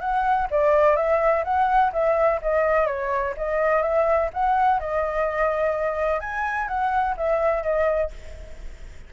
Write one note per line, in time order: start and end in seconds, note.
0.00 0.48 F#5
0.50 0.96 D5
0.96 1.44 E5
1.44 1.92 F#5
1.92 2.40 E5
2.42 2.86 D#5
2.86 3.34 C#5
3.37 3.82 D#5
3.82 4.29 E5
4.33 4.80 F#5
4.80 6.20 D#5
6.20 6.68 G#5
6.68 7.15 F#5
7.17 7.63 E5
7.63 8.11 D#5